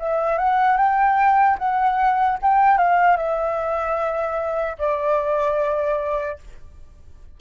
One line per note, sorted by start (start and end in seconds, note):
0.00 0.39 E5
0.39 0.78 F#5
0.78 1.58 G5
1.59 2.39 F#5
2.43 2.78 G5
2.78 3.17 F5
3.17 4.77 E5
4.79 6.39 D5